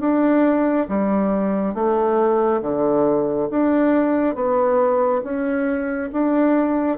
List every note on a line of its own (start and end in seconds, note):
0.00 0.87 D4
0.88 1.74 G3
1.74 2.61 A3
2.62 3.49 D3
3.50 4.35 D4
4.35 5.22 B3
5.23 6.10 C#4
6.12 6.98 D4